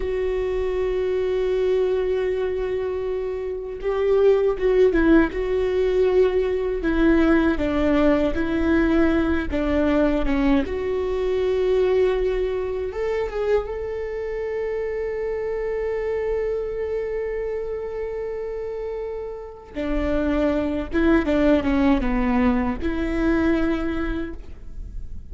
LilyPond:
\new Staff \with { instrumentName = "viola" } { \time 4/4 \tempo 4 = 79 fis'1~ | fis'4 g'4 fis'8 e'8 fis'4~ | fis'4 e'4 d'4 e'4~ | e'8 d'4 cis'8 fis'2~ |
fis'4 a'8 gis'8 a'2~ | a'1~ | a'2 d'4. e'8 | d'8 cis'8 b4 e'2 | }